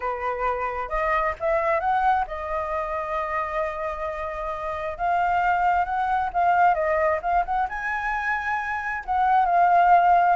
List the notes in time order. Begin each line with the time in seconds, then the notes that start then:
0.00 B4
0.88 D#5
1.39 E5
1.80 F#5
2.27 D#5
4.97 F5
5.84 F#5
6.33 F5
6.74 D#5
7.22 F5
7.45 F#5
7.68 G#5
9.05 F#5
9.45 F5